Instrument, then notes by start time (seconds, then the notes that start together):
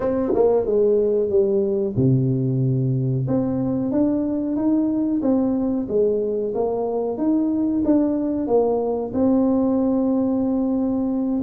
tuba
0.00 C4
0.34 A#3
0.66 G#3
1.29 G3
1.96 C3
3.27 C4
3.91 D4
4.55 D#4
5.22 C4
5.88 G#3
6.54 A#3
7.17 D#4
7.84 D4
8.47 A#3
9.13 C4